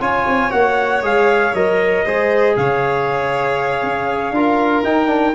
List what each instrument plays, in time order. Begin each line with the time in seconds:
0.00 tuba C#4, trombone F4, violin C#5, trumpet G#5
0.26 tuba C4
0.50 tuba A#3, trombone F#4, trumpet F#5
1.02 tuba G#3, trombone G#4, trumpet F5
1.54 tuba F#3, trombone A#4, trumpet D#5
2.05 tuba G#3, trombone G#4, violin C5
2.56 tuba C#3, violin C#5, trumpet F5
3.83 tuba C#4
4.31 tuba D4, trombone F4, violin A#4
4.83 tuba D#4, trombone D#4, trumpet G5
5.07 trombone D4